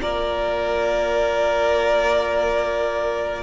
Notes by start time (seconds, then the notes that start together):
0.00 A#3 F4 A#4 D5